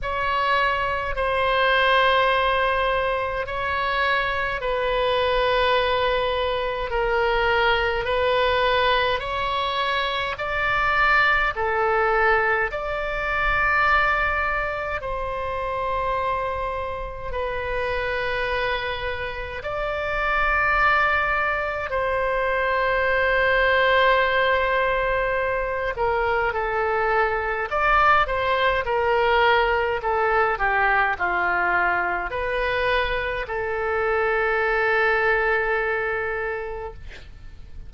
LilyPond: \new Staff \with { instrumentName = "oboe" } { \time 4/4 \tempo 4 = 52 cis''4 c''2 cis''4 | b'2 ais'4 b'4 | cis''4 d''4 a'4 d''4~ | d''4 c''2 b'4~ |
b'4 d''2 c''4~ | c''2~ c''8 ais'8 a'4 | d''8 c''8 ais'4 a'8 g'8 f'4 | b'4 a'2. | }